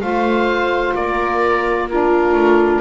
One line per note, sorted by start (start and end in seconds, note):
0.00 0.94 A3
0.00 1.88 F4
0.00 0.96 C5
0.00 0.94 F5
0.94 2.32 A#3
0.94 1.89 A#4
0.94 1.89 D5
1.89 2.80 D4
1.89 2.80 F4
1.89 2.80 A#4
2.32 2.79 A3